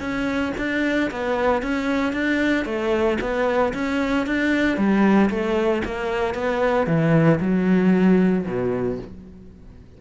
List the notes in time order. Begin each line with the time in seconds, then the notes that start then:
0.00 C#4
0.58 D4
1.11 B3
1.62 C#4
2.13 D4
2.65 A3
3.21 B3
3.74 C#4
4.26 D4
4.77 G3
5.30 A3
5.85 A#3
6.34 B3
6.87 E3
7.40 F#3
8.46 B2